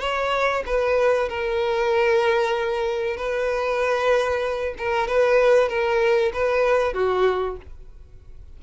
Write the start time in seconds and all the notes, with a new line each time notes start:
0.00 C#5
0.66 B4
1.29 A#4
3.17 B4
4.78 A#4
5.08 B4
5.69 A#4
6.34 B4
6.94 F#4